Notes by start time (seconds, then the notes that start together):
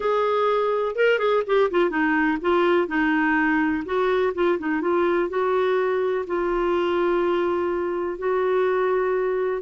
0.00 G#4
0.95 A#4
1.18 G#4
1.46 G4
1.70 F4
1.90 D#4
2.41 F4
2.87 D#4
3.85 F#4
4.34 F4
4.58 D#4
4.81 F4
5.29 F#4
6.26 F4
8.18 F#4